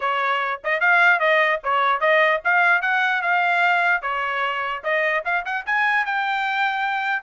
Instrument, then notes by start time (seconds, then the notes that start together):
trumpet
0.00 C#5
0.64 D#5
0.80 F5
1.19 D#5
1.63 C#5
2.00 D#5
2.44 F5
2.81 F#5
3.22 F5
4.01 C#5
4.83 D#5
5.24 F5
5.45 F#5
5.66 G#5
6.05 G5